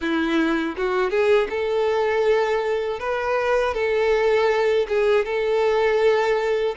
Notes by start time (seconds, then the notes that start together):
0.01 E4
0.76 F#4
1.10 G#4
1.49 A4
2.99 B4
3.74 A4
4.88 G#4
5.25 A4